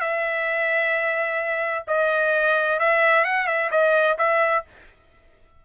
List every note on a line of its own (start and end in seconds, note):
0.00 1.85 E5
1.87 2.79 D#5
2.79 3.25 E5
3.25 3.47 F#5
3.47 3.70 E5
3.71 4.17 D#5
4.18 4.64 E5